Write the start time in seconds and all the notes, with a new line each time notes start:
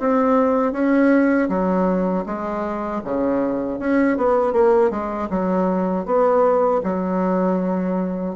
0.00 C4
0.73 C#4
1.49 F#3
2.26 G#3
3.05 C#3
3.80 C#4
4.18 B3
4.53 A#3
4.91 G#3
5.31 F#3
6.06 B3
6.84 F#3